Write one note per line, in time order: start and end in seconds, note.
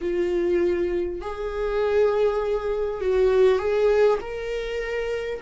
0.01 1.21 F4
1.21 3.00 G#4
3.00 3.58 F#4
3.58 4.18 G#4
4.21 5.41 A#4